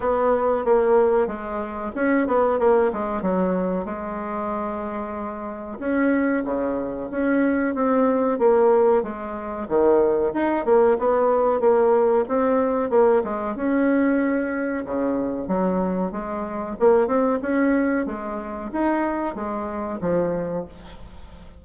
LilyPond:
\new Staff \with { instrumentName = "bassoon" } { \time 4/4 \tempo 4 = 93 b4 ais4 gis4 cis'8 b8 | ais8 gis8 fis4 gis2~ | gis4 cis'4 cis4 cis'4 | c'4 ais4 gis4 dis4 |
dis'8 ais8 b4 ais4 c'4 | ais8 gis8 cis'2 cis4 | fis4 gis4 ais8 c'8 cis'4 | gis4 dis'4 gis4 f4 | }